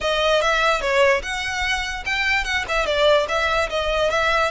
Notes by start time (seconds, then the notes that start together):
0.00 D#5
0.41 E5
0.81 C#5
1.22 F#5
2.05 G5
2.44 F#5
2.68 E5
2.86 D5
3.28 E5
3.69 D#5
4.10 E5